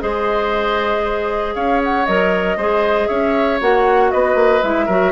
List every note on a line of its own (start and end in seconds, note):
0.00 1.55 G#3
0.00 2.05 G#4
0.00 1.54 C5
0.00 1.54 D#5
1.54 2.06 C#4
1.54 2.57 C#5
1.54 1.80 F5
1.84 2.05 F#5
2.05 2.56 F#3
2.05 2.59 A#4
2.05 3.07 D#5
2.56 3.08 G#3
2.56 3.60 G#4
2.56 3.08 C5
3.07 3.61 C#4
3.07 4.10 C#5
3.07 3.58 E5
3.60 4.12 A#3
3.60 4.62 F#4
3.60 4.10 F#5
4.10 4.34 B3
4.10 4.86 B4
4.10 4.62 D#5
4.34 4.60 A#3
4.62 4.88 G#3
4.62 4.88 E4
4.62 5.12 E5
4.86 5.12 F#3
4.86 5.12 F#4
4.86 5.11 A#4